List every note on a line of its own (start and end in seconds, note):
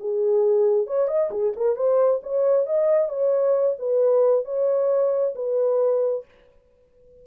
0.00 0.86 G#4
0.86 1.07 C#5
1.07 1.30 D#5
1.30 1.53 G#4
1.56 1.76 A#4
1.76 2.21 C5
2.22 2.66 C#5
2.66 3.09 D#5
3.09 3.76 C#5
3.79 4.45 B4
4.45 5.34 C#5
5.35 6.25 B4